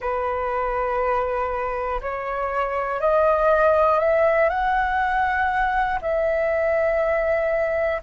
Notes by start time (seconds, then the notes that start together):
0.00 B4
2.01 C#5
3.00 D#5
3.99 E5
4.49 F#5
6.01 E5